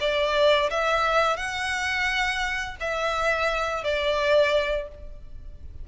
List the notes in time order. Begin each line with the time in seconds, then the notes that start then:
0.00 D5
0.70 E5
1.37 F#5
2.81 E5
3.84 D5